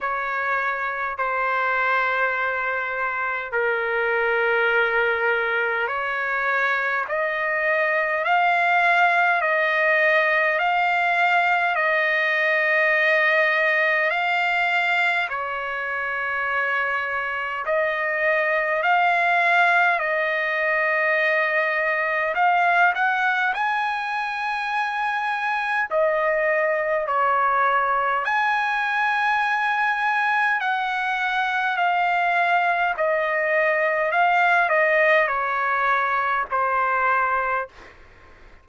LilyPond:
\new Staff \with { instrumentName = "trumpet" } { \time 4/4 \tempo 4 = 51 cis''4 c''2 ais'4~ | ais'4 cis''4 dis''4 f''4 | dis''4 f''4 dis''2 | f''4 cis''2 dis''4 |
f''4 dis''2 f''8 fis''8 | gis''2 dis''4 cis''4 | gis''2 fis''4 f''4 | dis''4 f''8 dis''8 cis''4 c''4 | }